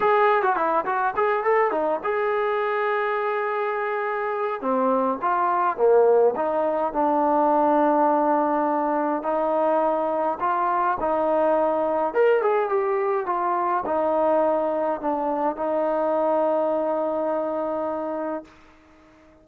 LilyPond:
\new Staff \with { instrumentName = "trombone" } { \time 4/4 \tempo 4 = 104 gis'8. fis'16 e'8 fis'8 gis'8 a'8 dis'8 gis'8~ | gis'1 | c'4 f'4 ais4 dis'4 | d'1 |
dis'2 f'4 dis'4~ | dis'4 ais'8 gis'8 g'4 f'4 | dis'2 d'4 dis'4~ | dis'1 | }